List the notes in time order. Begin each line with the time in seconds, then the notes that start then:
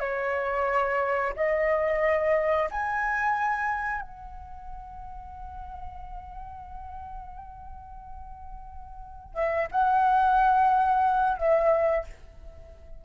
0.00 C#5
1.36 D#5
2.71 G#5
4.02 F#5
9.35 E5
9.72 F#5
11.38 E5